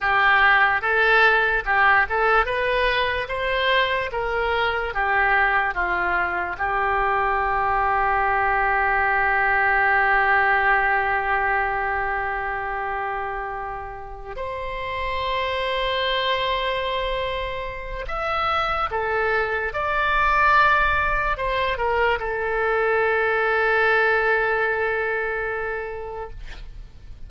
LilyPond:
\new Staff \with { instrumentName = "oboe" } { \time 4/4 \tempo 4 = 73 g'4 a'4 g'8 a'8 b'4 | c''4 ais'4 g'4 f'4 | g'1~ | g'1~ |
g'4. c''2~ c''8~ | c''2 e''4 a'4 | d''2 c''8 ais'8 a'4~ | a'1 | }